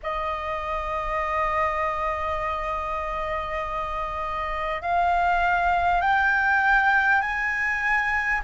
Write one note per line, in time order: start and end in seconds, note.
0.03 4.82 D#5
4.82 6.01 F5
6.01 7.21 G5
7.21 8.41 G#5